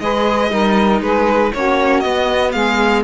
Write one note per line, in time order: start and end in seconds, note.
0.00 0.51 G#3
0.00 0.51 G#4
0.00 0.52 B4
0.00 1.02 D#5
0.51 1.01 G3
0.51 1.53 D#4
0.51 1.03 A#4
1.01 1.52 G#3
1.01 1.54 G#4
1.01 1.53 B4
1.54 2.05 A#3
1.54 2.05 C#4
1.54 2.55 F#4
1.54 2.01 C#5
2.01 3.04 B3
2.01 2.55 B3
2.01 2.52 D#5
2.52 3.04 G#3
2.52 3.04 G#4
2.52 3.03 F5